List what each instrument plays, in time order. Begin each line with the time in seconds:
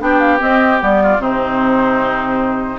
0.00 bassoon B3, clarinet D4, oboe G4, flute G5
0.20 flute F5
0.39 clarinet C4, bassoon C4, flute D#5
0.79 bassoon G3, clarinet B3, flute D5
1.04 oboe F4
1.19 bassoon C3, clarinet C4, oboe D#4, flute C5